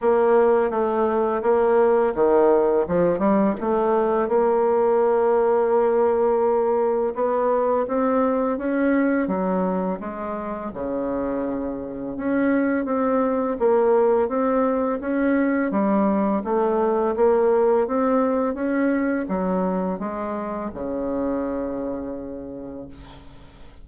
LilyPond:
\new Staff \with { instrumentName = "bassoon" } { \time 4/4 \tempo 4 = 84 ais4 a4 ais4 dis4 | f8 g8 a4 ais2~ | ais2 b4 c'4 | cis'4 fis4 gis4 cis4~ |
cis4 cis'4 c'4 ais4 | c'4 cis'4 g4 a4 | ais4 c'4 cis'4 fis4 | gis4 cis2. | }